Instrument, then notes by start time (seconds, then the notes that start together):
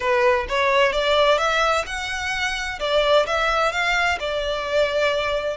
violin
0.00 B4
0.49 C#5
0.92 D5
1.38 E5
1.86 F#5
2.79 D5
3.26 E5
3.71 F5
4.19 D5